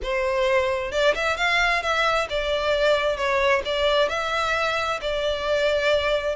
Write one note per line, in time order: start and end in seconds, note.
0.02 0.91 C5
0.91 1.14 D5
1.14 1.36 E5
1.36 1.82 F5
1.82 2.27 E5
2.29 3.16 D5
3.16 3.62 C#5
3.65 4.08 D5
4.08 4.99 E5
5.01 6.35 D5